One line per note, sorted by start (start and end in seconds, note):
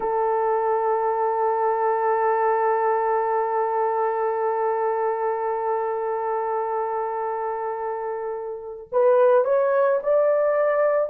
0.00 8.88 A4
8.91 9.44 B4
9.44 9.99 C#5
10.03 11.09 D5